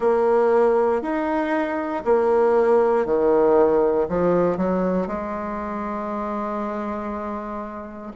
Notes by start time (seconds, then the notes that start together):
0.00 A#3
1.02 D#4
2.04 A#3
3.05 D#3
4.08 F3
4.57 F#3
5.07 G#3